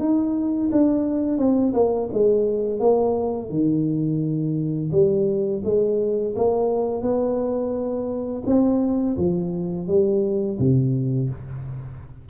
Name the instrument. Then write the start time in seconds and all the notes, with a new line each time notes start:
tuba
0.00 D#4
0.72 D4
1.38 C4
1.74 A#3
2.13 G#3
2.80 A#3
3.50 D#3
4.92 G3
5.65 G#3
6.37 A#3
7.02 B3
8.46 C4
9.18 F3
9.88 G3
10.59 C3